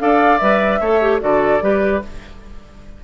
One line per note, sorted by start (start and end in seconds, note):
0.00 0.42 D4
0.00 0.41 A4
0.00 0.80 D5
0.00 0.39 F5
0.39 0.81 G3
0.39 0.82 B4
0.39 1.20 E5
0.80 1.21 A3
0.80 1.02 A4
0.80 1.21 C#5
1.02 1.20 G4
1.20 1.62 D3
1.20 1.61 F#4
1.20 1.64 A4
1.20 2.03 D5
1.62 2.03 G3
1.62 2.02 G4
1.62 2.04 B4